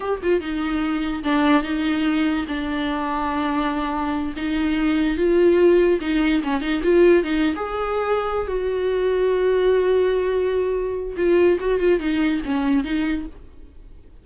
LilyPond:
\new Staff \with { instrumentName = "viola" } { \time 4/4 \tempo 4 = 145 g'8 f'8 dis'2 d'4 | dis'2 d'2~ | d'2~ d'8 dis'4.~ | dis'8 f'2 dis'4 cis'8 |
dis'8 f'4 dis'8. gis'4.~ gis'16~ | gis'8 fis'2.~ fis'8~ | fis'2. f'4 | fis'8 f'8 dis'4 cis'4 dis'4 | }